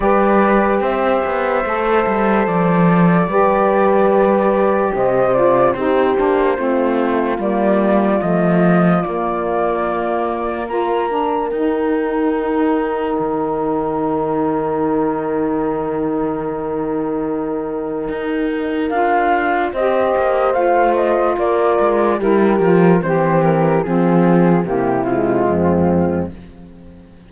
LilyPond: <<
  \new Staff \with { instrumentName = "flute" } { \time 4/4 \tempo 4 = 73 d''4 e''2 d''4~ | d''2 dis''8 d''8 c''4~ | c''4 d''4 dis''4 d''4~ | d''4 ais''4 g''2~ |
g''1~ | g''2. f''4 | dis''4 f''8 dis''8 d''4 ais'4 | c''8 ais'8 gis'4 g'8 f'4. | }
  \new Staff \with { instrumentName = "horn" } { \time 4/4 b'4 c''2. | b'2 c''4 g'4 | f'1~ | f'4 ais'2.~ |
ais'1~ | ais'1 | c''2 ais'4 g'4 | c'4 f'4 e'4 c'4 | }
  \new Staff \with { instrumentName = "saxophone" } { \time 4/4 g'2 a'2 | g'2~ g'8 f'8 dis'8 d'8 | c'4 ais4 a4 ais4~ | ais4 f'8 d'8 dis'2~ |
dis'1~ | dis'2. f'4 | g'4 f'2 e'8 f'8 | g'4 c'4 ais8 gis4. | }
  \new Staff \with { instrumentName = "cello" } { \time 4/4 g4 c'8 b8 a8 g8 f4 | g2 c4 c'8 ais8 | a4 g4 f4 ais4~ | ais2 dis'2 |
dis1~ | dis2 dis'4 d'4 | c'8 ais8 a4 ais8 gis8 g8 f8 | e4 f4 c4 f,4 | }
>>